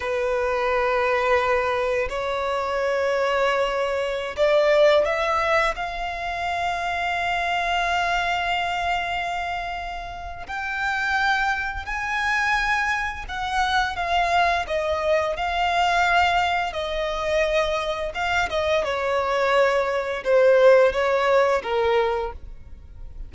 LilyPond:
\new Staff \with { instrumentName = "violin" } { \time 4/4 \tempo 4 = 86 b'2. cis''4~ | cis''2~ cis''16 d''4 e''8.~ | e''16 f''2.~ f''8.~ | f''2. g''4~ |
g''4 gis''2 fis''4 | f''4 dis''4 f''2 | dis''2 f''8 dis''8 cis''4~ | cis''4 c''4 cis''4 ais'4 | }